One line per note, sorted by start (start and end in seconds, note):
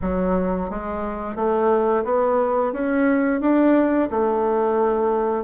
0.01 0.69 F#3
0.69 1.35 G#3
1.35 2.03 A3
2.04 2.72 B3
2.72 3.41 C#4
3.41 4.09 D4
4.10 5.44 A3